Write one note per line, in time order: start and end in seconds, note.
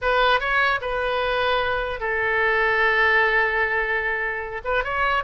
0.01 0.40 B4
0.40 0.80 C#5
0.81 1.99 B4
1.99 4.61 A4
4.64 4.83 B4
4.83 5.23 C#5